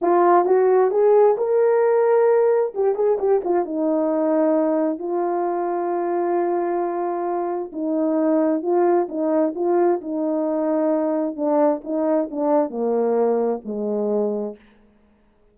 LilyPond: \new Staff \with { instrumentName = "horn" } { \time 4/4 \tempo 4 = 132 f'4 fis'4 gis'4 ais'4~ | ais'2 g'8 gis'8 g'8 f'8 | dis'2. f'4~ | f'1~ |
f'4 dis'2 f'4 | dis'4 f'4 dis'2~ | dis'4 d'4 dis'4 d'4 | ais2 gis2 | }